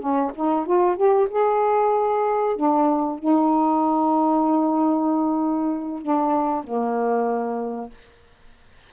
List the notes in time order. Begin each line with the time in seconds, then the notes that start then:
0.00 C#4
0.35 D#4
0.66 F4
0.97 G4
1.30 G#4
2.56 D4
3.19 D#4
6.02 D4
6.64 A#3